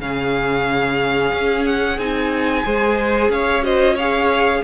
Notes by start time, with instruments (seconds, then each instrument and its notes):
0.00 cello C#3, viola C#4, violin G#4 F5
1.32 cello C#4
1.66 violin F#5
1.98 cello C4, viola D#4, violin G#5
2.63 cello G#3, viola G#4, violin C5
3.29 cello C#4, violin C#5 F5
3.62 viola F#4, violin C5 D#5
3.94 viola G#4, violin C#5 F5